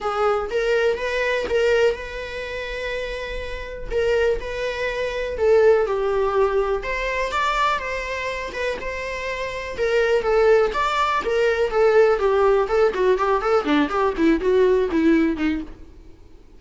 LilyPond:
\new Staff \with { instrumentName = "viola" } { \time 4/4 \tempo 4 = 123 gis'4 ais'4 b'4 ais'4 | b'1 | ais'4 b'2 a'4 | g'2 c''4 d''4 |
c''4. b'8 c''2 | ais'4 a'4 d''4 ais'4 | a'4 g'4 a'8 fis'8 g'8 a'8 | d'8 g'8 e'8 fis'4 e'4 dis'8 | }